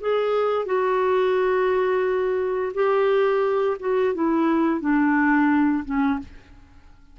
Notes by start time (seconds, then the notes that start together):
0.00 G#4
0.66 F#4
2.74 G4
3.80 F#4
4.14 E4
4.80 D4
5.85 C#4